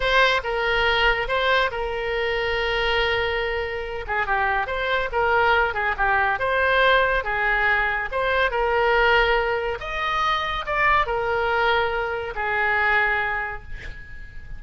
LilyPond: \new Staff \with { instrumentName = "oboe" } { \time 4/4 \tempo 4 = 141 c''4 ais'2 c''4 | ais'1~ | ais'4. gis'8 g'4 c''4 | ais'4. gis'8 g'4 c''4~ |
c''4 gis'2 c''4 | ais'2. dis''4~ | dis''4 d''4 ais'2~ | ais'4 gis'2. | }